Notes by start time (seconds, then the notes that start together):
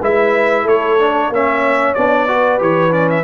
0.00 G#3 E4 B4 E5
0.63 A3 A4 C#5
1.00 D4
1.30 A#3 C#4 C#5 E5
1.94 B3 D4 D5
2.28 F#4 B4
2.59 E3 G4 C#5
2.91 C#4 D5
3.10 E5